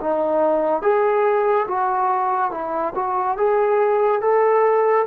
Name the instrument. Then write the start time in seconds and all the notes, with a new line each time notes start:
trombone
0.00 D#4
0.81 G#4
1.67 F#4
2.51 E4
2.95 F#4
3.37 G#4
4.21 A4